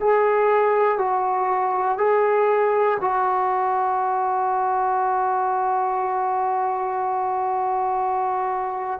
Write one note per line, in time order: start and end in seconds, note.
0.00 0.98 G#4
0.98 1.97 F#4
1.97 2.97 G#4
3.00 8.99 F#4